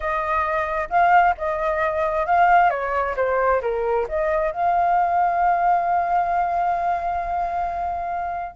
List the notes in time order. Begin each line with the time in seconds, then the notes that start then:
0.00 D#5
0.89 F5
1.37 D#5
2.26 F5
2.70 C#5
3.16 C5
3.61 A#4
4.08 D#5
4.51 F5